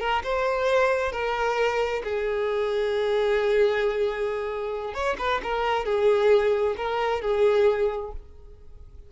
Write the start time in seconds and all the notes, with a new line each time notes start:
0.00 A#4
0.24 C5
1.12 A#4
2.04 G#4
4.94 C#5
5.19 B4
5.43 A#4
5.85 G#4
6.77 A#4
7.22 G#4